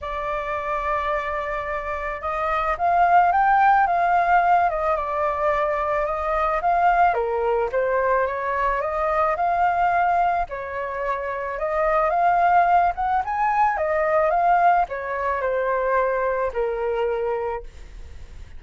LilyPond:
\new Staff \with { instrumentName = "flute" } { \time 4/4 \tempo 4 = 109 d''1 | dis''4 f''4 g''4 f''4~ | f''8 dis''8 d''2 dis''4 | f''4 ais'4 c''4 cis''4 |
dis''4 f''2 cis''4~ | cis''4 dis''4 f''4. fis''8 | gis''4 dis''4 f''4 cis''4 | c''2 ais'2 | }